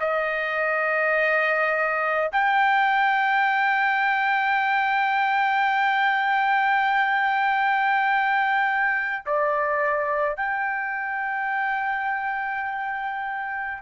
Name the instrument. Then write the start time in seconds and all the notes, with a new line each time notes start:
trumpet
0.00 D#5
2.32 G5
9.26 D5
10.36 G5